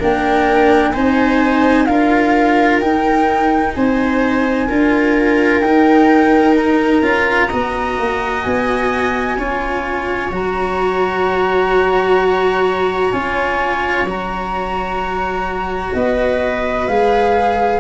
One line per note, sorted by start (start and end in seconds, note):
0.00 0.96 A#3
0.00 0.94 D4
0.00 0.93 A#4
0.00 0.93 G5
0.93 1.88 C4
0.93 1.88 D#4
0.93 1.87 C5
0.93 1.86 G#5
1.86 2.81 D4
1.86 2.82 F4
1.86 3.76 A#4
1.86 2.80 F5
2.80 3.75 D#4
2.80 4.69 D#4
2.80 3.74 G5
3.74 4.70 C4
3.74 4.68 C5
3.74 5.61 G#5
4.68 5.61 D4
4.68 5.63 F4
4.68 7.49 A#4
5.61 7.02 D#4
5.61 7.03 D#4
5.61 6.55 G5
6.56 8.43 A#5
7.02 7.49 C#4
7.02 7.50 F4
7.49 7.99 B3
7.49 9.38 F#4
7.49 9.36 D#5
7.99 8.46 A#3
8.43 9.37 B3
8.43 10.30 G#5
9.37 10.31 C#4
9.37 10.32 F4
9.37 15.95 C#5
10.31 13.12 F#3
10.31 13.13 F#4
10.31 13.12 A#5
13.12 14.04 C#4
13.12 14.07 F4
13.12 14.06 G#5
14.04 15.91 F#3
14.04 16.89 F#4
14.04 15.94 A#5
15.94 16.88 B3
15.94 17.80 B4
15.94 16.88 D#5
16.88 17.80 G#3
16.88 17.80 G#4
16.88 17.80 F5